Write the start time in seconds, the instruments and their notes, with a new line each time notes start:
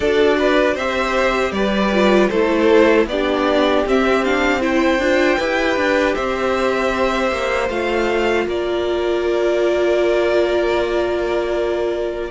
0.00 cello D4, viola F#4, violin A4 D5
0.38 violin B4
0.74 cello C4, viola G4, violin C5 E5
1.51 cello G3, violin B4 D5
1.92 viola F4
2.29 cello A3, viola E4, violin A4 C5
3.06 cello B3, viola D4, violin G4 D5
3.85 viola C4, cello C4, violin E5
4.24 viola D4, violin F5
4.60 viola E4, violin C5 G5
4.98 cello D4, viola F4
5.38 cello E4, viola G4, violin B4
5.76 cello D4
6.14 cello C4, violin C5 E5
7.31 cello A#3
7.69 cello A3, viola F4, violin F5
8.46 cello A#3, violin A#4 D5